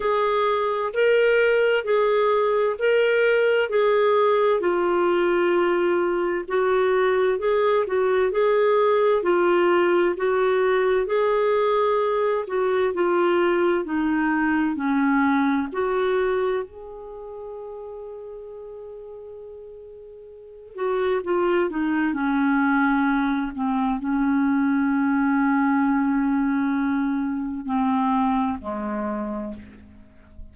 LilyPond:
\new Staff \with { instrumentName = "clarinet" } { \time 4/4 \tempo 4 = 65 gis'4 ais'4 gis'4 ais'4 | gis'4 f'2 fis'4 | gis'8 fis'8 gis'4 f'4 fis'4 | gis'4. fis'8 f'4 dis'4 |
cis'4 fis'4 gis'2~ | gis'2~ gis'8 fis'8 f'8 dis'8 | cis'4. c'8 cis'2~ | cis'2 c'4 gis4 | }